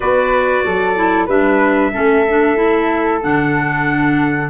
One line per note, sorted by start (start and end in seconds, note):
0.00 0.65 B3
0.00 0.95 F#4
0.00 0.63 B4
0.00 1.28 D5
0.65 1.27 F#3
0.65 1.25 A4
0.95 1.27 E4
1.25 1.92 G3
1.25 1.92 D4
1.25 1.90 B4
1.25 3.22 E5
1.92 3.25 A3
1.92 2.24 C#4
1.92 4.50 A4
2.29 2.56 D4
2.56 3.20 E4
3.23 4.50 D3
3.23 4.50 D4
3.23 4.50 F#5